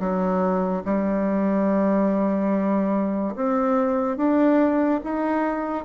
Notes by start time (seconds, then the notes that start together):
0.00 F#3
0.85 G3
3.35 C4
4.17 D4
5.04 D#4